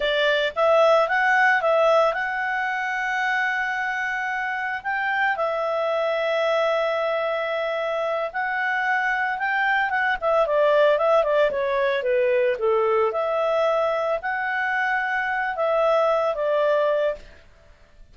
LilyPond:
\new Staff \with { instrumentName = "clarinet" } { \time 4/4 \tempo 4 = 112 d''4 e''4 fis''4 e''4 | fis''1~ | fis''4 g''4 e''2~ | e''2.~ e''8 fis''8~ |
fis''4. g''4 fis''8 e''8 d''8~ | d''8 e''8 d''8 cis''4 b'4 a'8~ | a'8 e''2 fis''4.~ | fis''4 e''4. d''4. | }